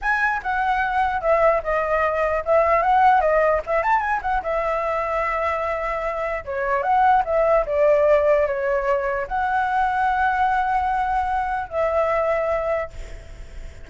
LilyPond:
\new Staff \with { instrumentName = "flute" } { \time 4/4 \tempo 4 = 149 gis''4 fis''2 e''4 | dis''2 e''4 fis''4 | dis''4 e''8 a''8 gis''8 fis''8 e''4~ | e''1 |
cis''4 fis''4 e''4 d''4~ | d''4 cis''2 fis''4~ | fis''1~ | fis''4 e''2. | }